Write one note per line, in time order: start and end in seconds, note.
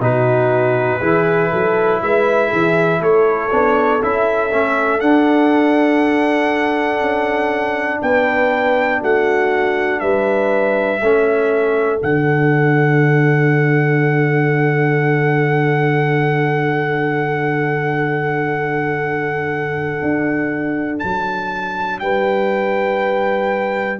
0.00 1.00 B2
0.00 1.00 D#4
0.00 1.00 F#4
0.00 2.02 B4
1.00 1.52 E3
1.00 3.50 E4
1.00 1.50 G#4
1.50 2.02 F#3
1.50 2.00 A4
2.02 2.52 G#3
2.02 2.49 B4
2.02 3.02 E5
2.49 3.00 E3
2.49 2.99 G#4
3.00 3.50 A3
3.00 8.01 A4
3.00 4.02 C#5
3.50 4.02 B3
3.50 4.00 D4
4.01 4.52 C#4
4.01 4.50 E4
4.01 5.00 E5
4.50 5.01 A3
4.50 5.00 C#4
5.00 11.00 D4
5.00 7.01 D4
5.00 8.00 F#5
7.01 8.01 C#4
8.02 9.02 B3
8.02 9.01 B4
8.02 9.02 G5
9.01 10.01 A3
9.01 10.01 F#4
9.01 10.00 F#5
10.00 11.01 G3
10.00 11.01 B4
10.00 12.00 E5
11.01 12.01 A3
11.01 11.99 C#4
11.01 22.02 A4
11.99 20.01 D3
11.99 23.99 D4
11.99 20.99 F#5
20.01 21.01 D4
20.99 22.01 F#3
20.99 21.99 A5
21.99 23.99 G3
21.99 23.99 B4
21.99 23.99 G5